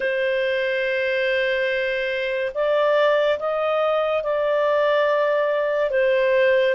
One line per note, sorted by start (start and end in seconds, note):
0.00 2.52 C5
2.54 3.38 D5
3.39 4.23 D#5
4.23 5.90 D5
5.90 6.74 C5